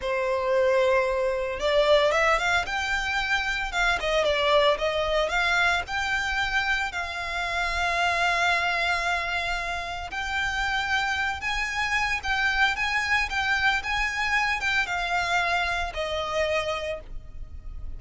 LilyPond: \new Staff \with { instrumentName = "violin" } { \time 4/4 \tempo 4 = 113 c''2. d''4 | e''8 f''8 g''2 f''8 dis''8 | d''4 dis''4 f''4 g''4~ | g''4 f''2.~ |
f''2. g''4~ | g''4. gis''4. g''4 | gis''4 g''4 gis''4. g''8 | f''2 dis''2 | }